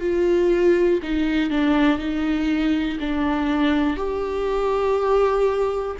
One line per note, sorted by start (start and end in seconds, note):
0.00 1.00 F4
1.03 1.50 D#4
1.50 1.99 D4
1.99 2.99 D#4
3.00 3.97 D4
3.97 5.97 G4